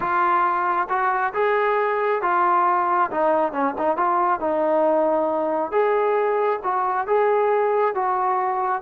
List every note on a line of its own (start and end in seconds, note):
0.00 0.88 F4
0.89 1.33 F#4
1.33 2.22 G#4
2.22 3.10 F4
3.10 3.52 D#4
3.52 3.74 C#4
3.77 3.97 D#4
3.97 4.40 F4
4.40 5.71 D#4
5.71 6.60 G#4
6.63 7.07 F#4
7.07 7.94 G#4
7.94 8.82 F#4